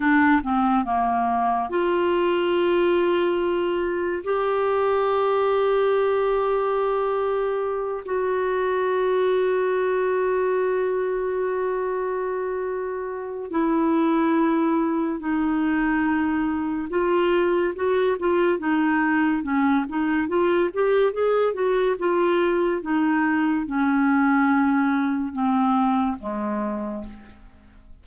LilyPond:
\new Staff \with { instrumentName = "clarinet" } { \time 4/4 \tempo 4 = 71 d'8 c'8 ais4 f'2~ | f'4 g'2.~ | g'4. fis'2~ fis'8~ | fis'1 |
e'2 dis'2 | f'4 fis'8 f'8 dis'4 cis'8 dis'8 | f'8 g'8 gis'8 fis'8 f'4 dis'4 | cis'2 c'4 gis4 | }